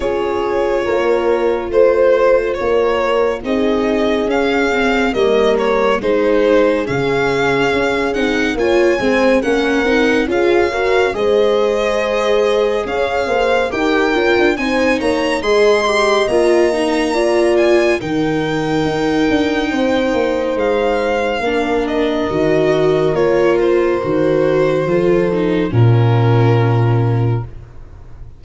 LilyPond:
<<
  \new Staff \with { instrumentName = "violin" } { \time 4/4 \tempo 4 = 70 cis''2 c''4 cis''4 | dis''4 f''4 dis''8 cis''8 c''4 | f''4. fis''8 gis''4 fis''4 | f''4 dis''2 f''4 |
g''4 gis''8 ais''8 c'''4 ais''4~ | ais''8 gis''8 g''2. | f''4. dis''4. cis''8 c''8~ | c''2 ais'2 | }
  \new Staff \with { instrumentName = "horn" } { \time 4/4 gis'4 ais'4 c''4 ais'4 | gis'2 ais'4 gis'4~ | gis'2 cis''8 c''8 ais'4 | gis'8 ais'8 c''2 cis''8 c''8 |
ais'4 c''8 cis''8 dis''2 | d''4 ais'2 c''4~ | c''4 ais'2.~ | ais'4 a'4 f'2 | }
  \new Staff \with { instrumentName = "viola" } { \time 4/4 f'1 | dis'4 cis'8 c'8 ais4 dis'4 | cis'4. dis'8 f'8 c'8 cis'8 dis'8 | f'8 fis'8 gis'2. |
g'8 f'8 dis'4 gis'8 g'8 f'8 dis'8 | f'4 dis'2.~ | dis'4 d'4 fis'4 f'4 | fis'4 f'8 dis'8 cis'2 | }
  \new Staff \with { instrumentName = "tuba" } { \time 4/4 cis'4 ais4 a4 ais4 | c'4 cis'4 g4 gis4 | cis4 cis'8 c'8 ais8 gis8 ais8 c'8 | cis'4 gis2 cis'8 ais8 |
dis'8 cis'16 d'16 c'8 ais8 gis4 ais4~ | ais4 dis4 dis'8 d'8 c'8 ais8 | gis4 ais4 dis4 ais4 | dis4 f4 ais,2 | }
>>